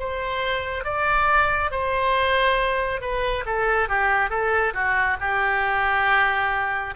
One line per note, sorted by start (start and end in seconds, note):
0.00 0.85 C5
0.85 1.72 D5
1.72 3.01 C5
3.01 3.45 B4
3.46 3.89 A4
3.89 4.30 G4
4.30 4.74 A4
4.74 5.18 F#4
5.21 6.94 G4